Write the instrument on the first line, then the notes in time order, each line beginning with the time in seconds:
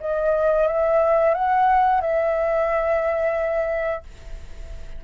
flute
0.00 D#5
0.67 E5
1.34 F#5
2.01 E5